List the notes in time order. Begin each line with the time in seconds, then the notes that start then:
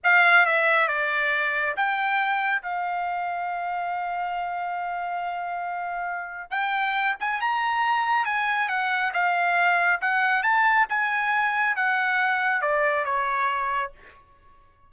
0.03 F5
0.45 E5
0.88 D5
1.76 G5
2.62 F5
6.50 G5
7.20 G#5
7.40 A#5
8.25 G#5
8.68 F#5
9.13 F5
10.01 F#5
10.42 A5
10.89 G#5
11.76 F#5
12.61 D5
13.04 C#5